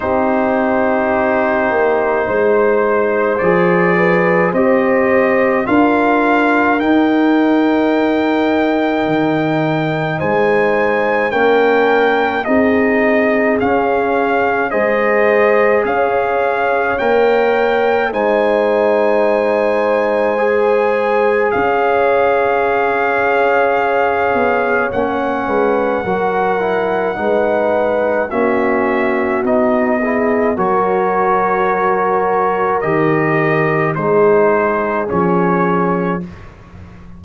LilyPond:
<<
  \new Staff \with { instrumentName = "trumpet" } { \time 4/4 \tempo 4 = 53 c''2. d''4 | dis''4 f''4 g''2~ | g''4 gis''4 g''4 dis''4 | f''4 dis''4 f''4 g''4 |
gis''2. f''4~ | f''2 fis''2~ | fis''4 e''4 dis''4 cis''4~ | cis''4 dis''4 c''4 cis''4 | }
  \new Staff \with { instrumentName = "horn" } { \time 4/4 g'2 c''4. b'8 | c''4 ais'2.~ | ais'4 c''4 ais'4 gis'4~ | gis'4 c''4 cis''2 |
c''2. cis''4~ | cis''2~ cis''8 b'8 ais'4 | b'4 fis'4. gis'8 ais'4~ | ais'2 gis'2 | }
  \new Staff \with { instrumentName = "trombone" } { \time 4/4 dis'2. gis'4 | g'4 f'4 dis'2~ | dis'2 cis'4 dis'4 | cis'4 gis'2 ais'4 |
dis'2 gis'2~ | gis'2 cis'4 fis'8 e'8 | dis'4 cis'4 dis'8 e'8 fis'4~ | fis'4 g'4 dis'4 cis'4 | }
  \new Staff \with { instrumentName = "tuba" } { \time 4/4 c'4. ais8 gis4 f4 | c'4 d'4 dis'2 | dis4 gis4 ais4 c'4 | cis'4 gis4 cis'4 ais4 |
gis2. cis'4~ | cis'4. b8 ais8 gis8 fis4 | gis4 ais4 b4 fis4~ | fis4 dis4 gis4 f4 | }
>>